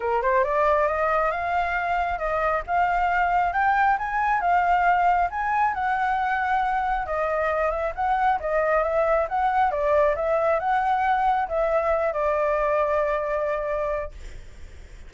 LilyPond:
\new Staff \with { instrumentName = "flute" } { \time 4/4 \tempo 4 = 136 ais'8 c''8 d''4 dis''4 f''4~ | f''4 dis''4 f''2 | g''4 gis''4 f''2 | gis''4 fis''2. |
dis''4. e''8 fis''4 dis''4 | e''4 fis''4 d''4 e''4 | fis''2 e''4. d''8~ | d''1 | }